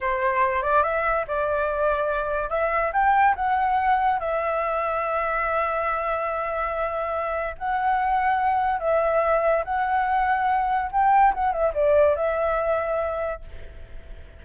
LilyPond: \new Staff \with { instrumentName = "flute" } { \time 4/4 \tempo 4 = 143 c''4. d''8 e''4 d''4~ | d''2 e''4 g''4 | fis''2 e''2~ | e''1~ |
e''2 fis''2~ | fis''4 e''2 fis''4~ | fis''2 g''4 fis''8 e''8 | d''4 e''2. | }